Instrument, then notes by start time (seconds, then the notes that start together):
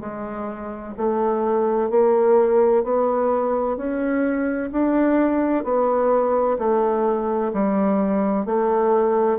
bassoon
0.00 G#3
0.97 A3
1.90 A#3
2.83 B3
3.77 C#4
4.72 D4
5.64 B3
6.58 A3
7.53 G3
8.45 A3